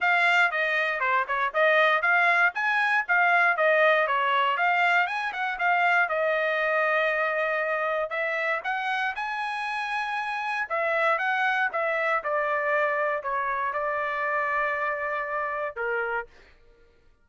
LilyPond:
\new Staff \with { instrumentName = "trumpet" } { \time 4/4 \tempo 4 = 118 f''4 dis''4 c''8 cis''8 dis''4 | f''4 gis''4 f''4 dis''4 | cis''4 f''4 gis''8 fis''8 f''4 | dis''1 |
e''4 fis''4 gis''2~ | gis''4 e''4 fis''4 e''4 | d''2 cis''4 d''4~ | d''2. ais'4 | }